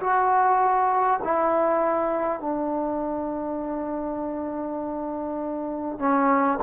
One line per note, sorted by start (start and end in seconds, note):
0.00 1.20 F#4
1.23 2.40 E4
2.40 5.98 D4
5.98 6.58 C#4